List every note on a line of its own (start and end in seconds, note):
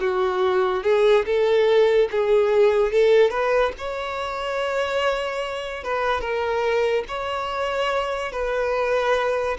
0.00 0.83 F#4
0.83 1.25 G#4
1.25 2.09 A4
2.11 2.92 G#4
2.92 3.30 A4
3.30 3.72 B4
3.78 5.84 C#5
5.84 6.21 B4
6.21 7.04 A#4
7.08 8.32 C#5
8.32 9.57 B4